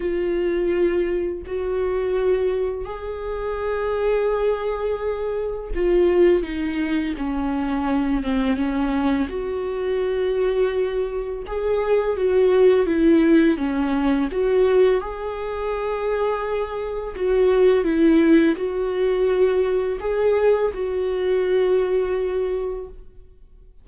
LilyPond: \new Staff \with { instrumentName = "viola" } { \time 4/4 \tempo 4 = 84 f'2 fis'2 | gis'1 | f'4 dis'4 cis'4. c'8 | cis'4 fis'2. |
gis'4 fis'4 e'4 cis'4 | fis'4 gis'2. | fis'4 e'4 fis'2 | gis'4 fis'2. | }